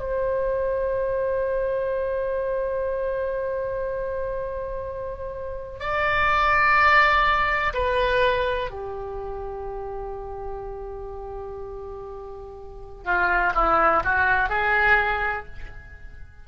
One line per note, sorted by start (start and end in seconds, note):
0.00 5.80 C5
5.80 7.73 D5
7.74 8.71 B4
8.71 13.05 G4
13.05 13.53 F4
13.55 14.03 E4
14.05 14.50 F#4
14.50 15.47 G#4